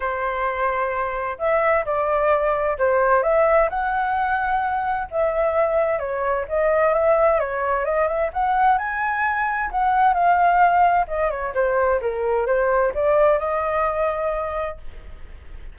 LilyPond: \new Staff \with { instrumentName = "flute" } { \time 4/4 \tempo 4 = 130 c''2. e''4 | d''2 c''4 e''4 | fis''2. e''4~ | e''4 cis''4 dis''4 e''4 |
cis''4 dis''8 e''8 fis''4 gis''4~ | gis''4 fis''4 f''2 | dis''8 cis''8 c''4 ais'4 c''4 | d''4 dis''2. | }